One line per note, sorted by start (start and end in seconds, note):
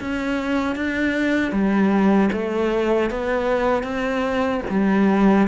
0.00 0.75 C#4
0.75 1.52 D4
1.52 2.30 G3
2.32 3.10 A3
3.10 3.83 B3
3.83 4.61 C4
4.70 5.48 G3